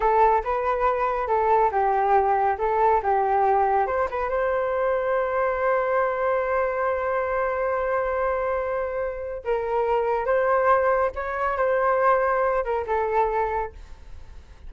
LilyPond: \new Staff \with { instrumentName = "flute" } { \time 4/4 \tempo 4 = 140 a'4 b'2 a'4 | g'2 a'4 g'4~ | g'4 c''8 b'8 c''2~ | c''1~ |
c''1~ | c''2 ais'2 | c''2 cis''4 c''4~ | c''4. ais'8 a'2 | }